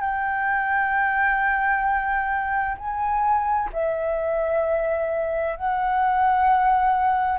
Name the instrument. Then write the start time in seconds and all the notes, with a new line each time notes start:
flute
0.00 G5
2.78 G#5
3.73 E5
5.56 F#5